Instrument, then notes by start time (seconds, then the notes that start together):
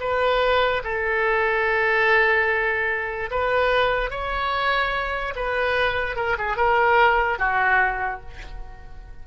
oboe
0.00 B4
0.83 A4
3.31 B4
4.10 C#5
5.35 B4
6.16 A#4
6.38 G#4
6.56 A#4
7.39 F#4